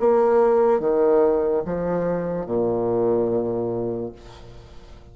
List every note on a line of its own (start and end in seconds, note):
0.00 0.80 A#3
0.80 1.63 D#3
1.65 2.46 F3
2.46 4.12 A#2